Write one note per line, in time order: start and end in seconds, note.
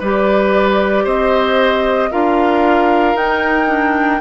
0.00 1.05 G3
0.00 2.11 G4
0.00 1.05 B4
0.00 1.07 D5
1.05 2.11 C4
1.05 2.10 C5
1.05 2.12 D#5
2.11 3.15 D4
2.11 3.16 F4
2.11 4.21 A#4
2.11 3.17 F5
3.15 4.20 D#4
3.15 3.68 D#4
3.15 4.21 G5
3.68 4.20 D4